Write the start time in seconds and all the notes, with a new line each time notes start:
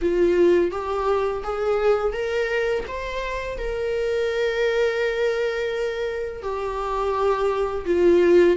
0.01 F4
0.71 G4
1.43 G#4
2.12 A#4
2.87 C5
3.58 A#4
6.42 G4
7.85 F4